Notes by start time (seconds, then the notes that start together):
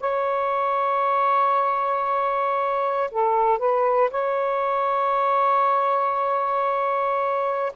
0.00 C#5
3.11 A4
3.58 B4
4.11 C#5